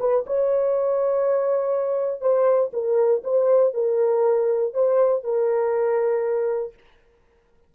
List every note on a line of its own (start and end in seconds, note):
0.00 0.25 B4
0.27 2.21 C#5
2.21 2.71 C5
2.73 3.23 A#4
3.24 3.74 C5
3.74 4.74 A#4
4.74 5.24 C5
5.24 6.74 A#4